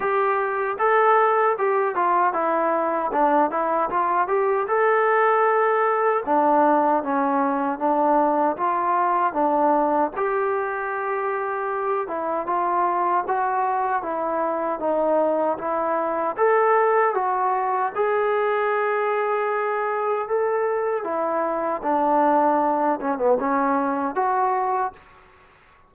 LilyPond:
\new Staff \with { instrumentName = "trombone" } { \time 4/4 \tempo 4 = 77 g'4 a'4 g'8 f'8 e'4 | d'8 e'8 f'8 g'8 a'2 | d'4 cis'4 d'4 f'4 | d'4 g'2~ g'8 e'8 |
f'4 fis'4 e'4 dis'4 | e'4 a'4 fis'4 gis'4~ | gis'2 a'4 e'4 | d'4. cis'16 b16 cis'4 fis'4 | }